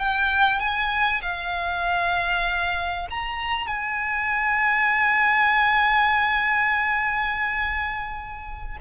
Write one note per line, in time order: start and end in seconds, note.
0.00 0.60 G5
0.60 1.22 G#5
1.23 3.08 F5
3.11 3.68 A#5
3.68 8.78 G#5